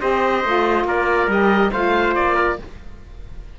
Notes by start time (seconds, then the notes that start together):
0.00 C4 G4 C5 D#5
0.44 A3 F4
0.85 A#3 A#4 D5
1.27 G3 G4 D#5
1.72 A3 F4 C5 F5
2.15 A#3 D5
2.36 A#4